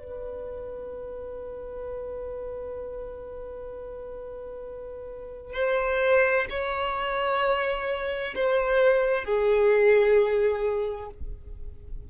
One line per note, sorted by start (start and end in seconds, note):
0.00 5.54 B4
5.54 6.46 C5
6.50 8.35 C#5
8.35 9.25 C5
9.25 11.10 G#4